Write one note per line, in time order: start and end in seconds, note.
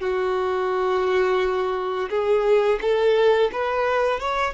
0.00 2.09 F#4
2.09 2.79 G#4
2.81 3.51 A4
3.52 4.20 B4
4.20 4.54 C#5